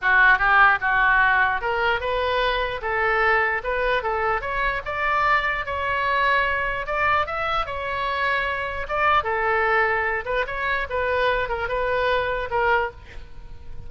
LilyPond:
\new Staff \with { instrumentName = "oboe" } { \time 4/4 \tempo 4 = 149 fis'4 g'4 fis'2 | ais'4 b'2 a'4~ | a'4 b'4 a'4 cis''4 | d''2 cis''2~ |
cis''4 d''4 e''4 cis''4~ | cis''2 d''4 a'4~ | a'4. b'8 cis''4 b'4~ | b'8 ais'8 b'2 ais'4 | }